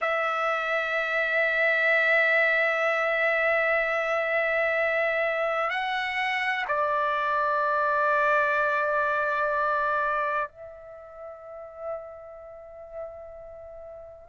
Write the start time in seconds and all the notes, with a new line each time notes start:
0.01 E5
5.69 F#5
6.68 D5
10.48 E5